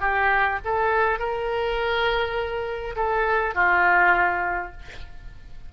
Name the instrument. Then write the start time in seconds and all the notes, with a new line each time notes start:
oboe
0.00 G4
0.64 A4
1.19 A#4
2.95 A4
3.54 F4